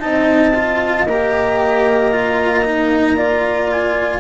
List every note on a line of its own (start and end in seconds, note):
0.00 1.06 C4
0.00 0.53 D#4
0.00 3.17 D#5
0.00 1.06 A5
0.55 1.08 F4
1.06 4.20 A#3
1.06 2.12 G4
1.06 3.72 A#5
2.12 2.64 F4
2.65 3.17 D#4
3.17 4.20 F4
3.17 4.20 D5
3.72 4.20 G#5